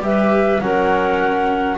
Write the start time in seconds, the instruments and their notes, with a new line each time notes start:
0.00 double bass G3, viola G4, clarinet B4, flute E5
0.60 double bass F#3, viola C#4, clarinet A#4, flute F#5